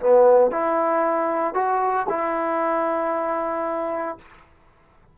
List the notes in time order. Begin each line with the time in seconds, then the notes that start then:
0.00 B3
0.51 E4
1.55 F#4
2.10 E4